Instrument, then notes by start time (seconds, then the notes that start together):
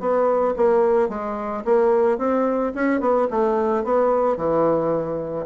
bassoon
0.00 B3
0.56 A#3
1.09 G#3
1.65 A#3
2.18 C4
2.75 C#4
3.00 B3
3.30 A3
3.84 B3
4.37 E3